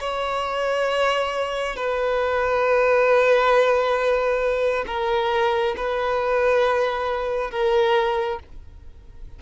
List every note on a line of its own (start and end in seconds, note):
0.00 1.76 C#5
1.76 4.84 B4
4.87 5.75 A#4
5.77 7.51 B4
7.51 8.39 A#4